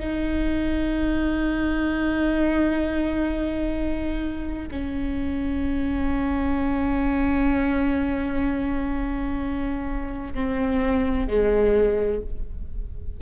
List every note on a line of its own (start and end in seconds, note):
0.00 4.69 D#4
4.71 10.34 C#4
10.34 11.28 C4
11.28 12.21 G#3